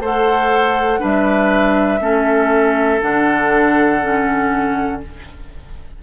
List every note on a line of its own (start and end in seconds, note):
0.00 1.00 A3
0.00 1.00 A4
0.00 1.00 C5
0.00 1.04 F#5
1.00 2.00 G3
1.00 2.00 D4
1.00 2.00 B4
1.00 3.02 E5
2.00 3.00 A3
2.00 3.01 C#4
2.00 5.02 A4
3.02 5.03 D3
3.02 4.02 D4
3.02 5.02 F#5
4.03 5.03 C#4